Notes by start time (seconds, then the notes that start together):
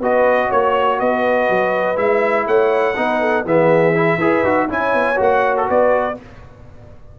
0.00 B3 F#4 B4 D#5
0.48 A#3 C#5
0.99 B3 B4 D#5
1.50 F#3
1.96 G#3 E4 E5
2.47 A3 C#5 F#5
2.96 B3 D#4 B4
3.20 A4
3.45 E3 B3 G#4 E5
3.95 E4
4.18 E4 G#4 B4
4.43 D#4 F#4
4.69 C#4 E4 C#5 G#5
4.94 B3
5.16 A#3 F#4 F#5
5.57 A4
5.68 B3 B4 D5